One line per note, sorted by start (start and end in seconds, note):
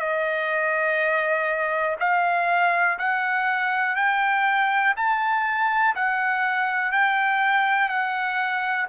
0.00 1.97 D#5
2.00 2.99 F5
2.99 3.97 F#5
3.97 4.95 G5
4.97 5.96 A5
5.96 6.92 F#5
6.92 7.89 G5
7.89 8.87 F#5